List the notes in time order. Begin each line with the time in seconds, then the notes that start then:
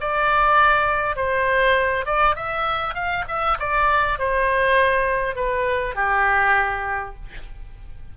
0.00 D5
1.16 C5
2.05 D5
2.35 E5
2.94 F5
3.28 E5
3.59 D5
4.19 C5
5.35 B4
5.95 G4